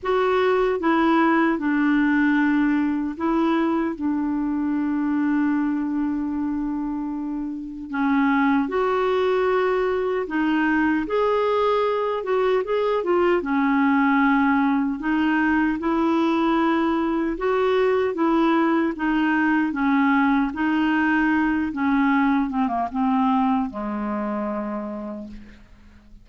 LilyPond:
\new Staff \with { instrumentName = "clarinet" } { \time 4/4 \tempo 4 = 76 fis'4 e'4 d'2 | e'4 d'2.~ | d'2 cis'4 fis'4~ | fis'4 dis'4 gis'4. fis'8 |
gis'8 f'8 cis'2 dis'4 | e'2 fis'4 e'4 | dis'4 cis'4 dis'4. cis'8~ | cis'8 c'16 ais16 c'4 gis2 | }